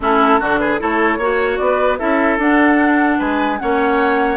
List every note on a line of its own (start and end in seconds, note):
0.00 0.40 A3
0.00 0.41 C#4
0.00 0.39 E4
0.00 0.58 A4
0.39 0.80 D3
0.39 0.79 D4
0.39 0.59 F#4
0.58 0.80 G#4
0.58 0.78 B4
0.79 1.18 A3
0.79 1.19 E4
0.79 1.18 A4
0.79 1.57 C#5
1.18 1.58 A#3
1.18 1.98 F#4
1.18 1.58 C#5
1.57 1.99 B3
1.57 1.97 D5
1.63 1.98 B4
1.98 2.38 C#4
1.98 2.38 E4
1.98 3.18 A4
1.98 2.38 E5
2.38 3.18 D4
2.38 3.59 D4
2.38 3.20 F#5
3.18 3.59 G#3
3.18 3.58 B4
3.18 3.58 G#5
3.58 4.37 A#3
3.58 4.37 C#4
3.58 4.37 C#5
3.58 4.37 F#5